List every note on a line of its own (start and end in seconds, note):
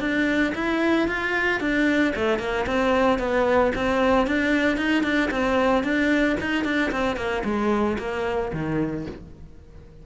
0.00 0.53 D4
0.55 1.08 E4
1.08 1.60 F4
1.60 2.13 D4
2.16 2.39 A3
2.39 2.65 A#3
2.66 3.19 C4
3.19 3.72 B3
3.75 4.27 C4
4.27 4.77 D4
4.77 5.03 D#4
5.03 5.30 D4
5.30 5.83 C4
5.83 6.36 D4
6.40 6.64 D#4
6.64 6.91 D4
6.91 7.16 C4
7.16 7.43 A#3
7.44 7.97 G#3
7.98 8.51 A#3
8.53 9.06 D#3